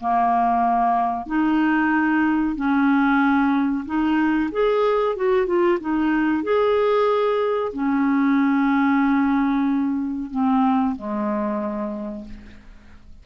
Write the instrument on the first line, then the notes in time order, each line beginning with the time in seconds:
clarinet
0.00 A#3
1.26 D#4
2.55 C#4
3.85 D#4
4.51 G#4
5.16 F#4
5.46 F4
5.80 D#4
6.43 G#4
7.72 C#4
10.31 C4
10.95 G#3